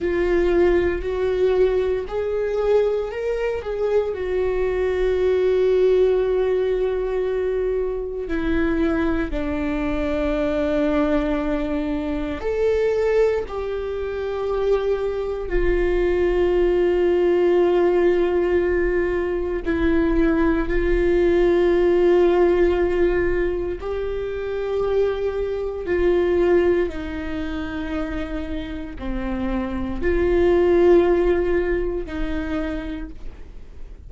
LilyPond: \new Staff \with { instrumentName = "viola" } { \time 4/4 \tempo 4 = 58 f'4 fis'4 gis'4 ais'8 gis'8 | fis'1 | e'4 d'2. | a'4 g'2 f'4~ |
f'2. e'4 | f'2. g'4~ | g'4 f'4 dis'2 | c'4 f'2 dis'4 | }